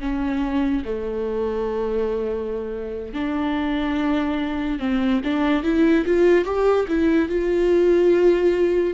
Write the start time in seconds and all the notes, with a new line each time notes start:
0.00 C#4
0.85 A3
3.14 D4
4.80 C4
5.24 D4
5.64 E4
6.06 F4
6.45 G4
6.88 E4
7.29 F4